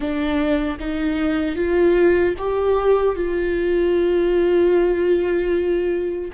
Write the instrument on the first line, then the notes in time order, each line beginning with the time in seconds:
viola
0.00 D4
0.79 D#4
1.55 F4
2.38 G4
3.15 F4